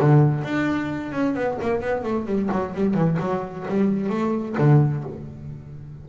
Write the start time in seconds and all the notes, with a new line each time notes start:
0.00 D3
0.44 D4
1.12 C#4
1.35 B3
1.62 A#3
1.81 B3
2.04 A3
2.27 G3
2.52 F#3
2.75 G3
2.95 E3
3.20 F#3
3.69 G3
4.10 A3
4.58 D3